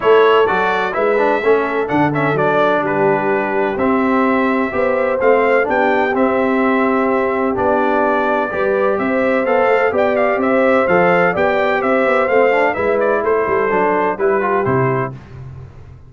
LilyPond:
<<
  \new Staff \with { instrumentName = "trumpet" } { \time 4/4 \tempo 4 = 127 cis''4 d''4 e''2 | fis''8 e''8 d''4 b'2 | e''2. f''4 | g''4 e''2. |
d''2. e''4 | f''4 g''8 f''8 e''4 f''4 | g''4 e''4 f''4 e''8 d''8 | c''2 b'4 c''4 | }
  \new Staff \with { instrumentName = "horn" } { \time 4/4 a'2 b'4 a'4~ | a'2 g'2~ | g'2 c''2 | g'1~ |
g'2 b'4 c''4~ | c''4 d''4 c''2 | d''4 c''2 b'4 | a'2 g'2 | }
  \new Staff \with { instrumentName = "trombone" } { \time 4/4 e'4 fis'4 e'8 d'8 cis'4 | d'8 cis'8 d'2. | c'2 g'4 c'4 | d'4 c'2. |
d'2 g'2 | a'4 g'2 a'4 | g'2 c'8 d'8 e'4~ | e'4 d'4 e'8 f'8 e'4 | }
  \new Staff \with { instrumentName = "tuba" } { \time 4/4 a4 fis4 gis4 a4 | d4 fis4 g2 | c'2 b4 a4 | b4 c'2. |
b2 g4 c'4 | b8 a8 b4 c'4 f4 | b4 c'8 b8 a4 gis4 | a8 g8 fis4 g4 c4 | }
>>